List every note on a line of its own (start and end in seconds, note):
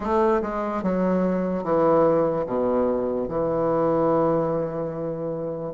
0.00 0.41 A3
0.42 0.83 G#3
0.83 1.63 F#3
1.63 2.45 E3
2.46 3.28 B2
3.28 5.73 E3